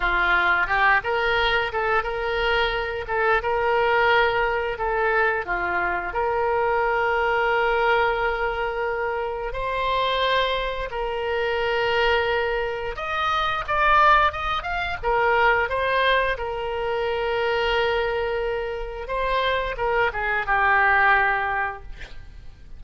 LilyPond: \new Staff \with { instrumentName = "oboe" } { \time 4/4 \tempo 4 = 88 f'4 g'8 ais'4 a'8 ais'4~ | ais'8 a'8 ais'2 a'4 | f'4 ais'2.~ | ais'2 c''2 |
ais'2. dis''4 | d''4 dis''8 f''8 ais'4 c''4 | ais'1 | c''4 ais'8 gis'8 g'2 | }